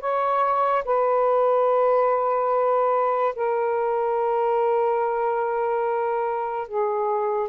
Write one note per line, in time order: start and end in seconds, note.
0.00 0.83 C#5
0.84 3.34 B4
3.35 6.67 A#4
6.67 7.48 G#4